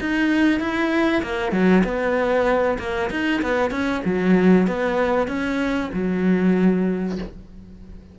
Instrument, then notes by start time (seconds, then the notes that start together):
cello
0.00 D#4
0.60 E4
1.23 A#3
1.52 F#3
1.84 B3
2.79 A#3
3.10 D#4
3.42 B3
3.70 C#4
4.05 F#3
4.67 B3
5.28 C#4
5.93 F#3